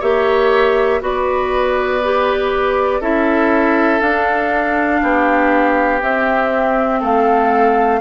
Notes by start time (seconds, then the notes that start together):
0.00 A#3 G4 C#5 E5
1.01 B3 F#4 B4 D5
2.04 G4
3.01 C#4 E4 A4 E5
4.00 D4 F5
5.03 B3 G4
6.02 C4 E5
7.00 A3 A4 F5